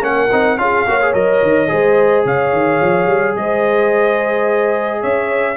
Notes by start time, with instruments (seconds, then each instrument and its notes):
0.00 tuba A#3, trombone C#4, horn A#4, trumpet F#5
0.31 tuba C4, trombone D#4
0.57 tuba C#4, trombone F4, horn G#4, trumpet F5
0.86 tuba A#3, trombone F#4, horn C#5
1.01 trombone G#4
1.13 tuba F#3, trombone A#4, trumpet D#5
1.42 tuba D#3
1.67 tuba G#3, trombone G#4, horn C5
2.24 tuba C#3, horn C#5, trumpet F5
2.52 tuba D#3
2.81 tuba F3
3.06 tuba G3
3.36 tuba G#3, horn C5, trumpet D#5
5.00 tuba C#4, horn C#5, trumpet E5